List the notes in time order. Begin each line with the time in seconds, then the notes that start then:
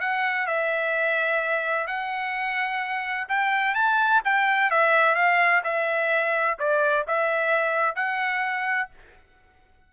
0.00 F#5
0.46 E5
1.87 F#5
3.28 G5
3.75 A5
4.25 G5
4.70 E5
5.15 F5
5.64 E5
6.59 D5
7.07 E5
7.95 F#5